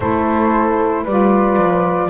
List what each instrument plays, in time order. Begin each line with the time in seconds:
0.00 double bass A3, saxophone E4, horn A4, flute C5
1.04 double bass G3, saxophone F4, horn B4, flute D5
1.57 double bass F3